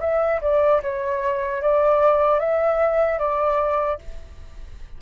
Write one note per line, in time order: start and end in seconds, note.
0.00 0.40 E5
0.41 0.81 D5
0.82 1.61 C#5
1.61 2.39 D5
2.39 3.19 E5
3.19 3.99 D5